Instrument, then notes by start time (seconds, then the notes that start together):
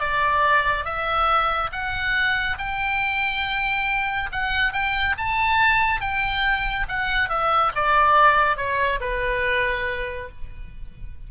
oboe
0.00 D5
0.85 E5
1.72 F#5
2.58 G5
4.32 F#5
4.72 G5
5.17 A5
6.00 G5
6.88 F#5
7.29 E5
7.75 D5
8.56 C#5
9.00 B4